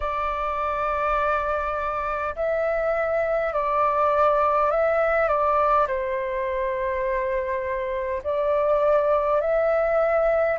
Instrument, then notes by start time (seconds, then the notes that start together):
flute
0.00 D5
2.35 E5
3.53 D5
4.71 E5
5.27 D5
5.87 C5
8.24 D5
9.41 E5